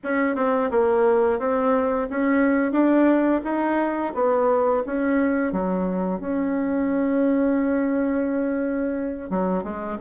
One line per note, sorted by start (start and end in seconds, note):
0.03 0.35 C#4
0.35 0.70 C4
0.70 1.39 A#3
1.39 2.08 C4
2.10 2.72 C#4
2.72 3.41 D4
3.44 4.13 D#4
4.14 4.83 B3
4.86 5.52 C#4
5.52 6.19 F#3
6.19 9.29 C#4
9.29 9.63 F#3
9.63 9.98 G#3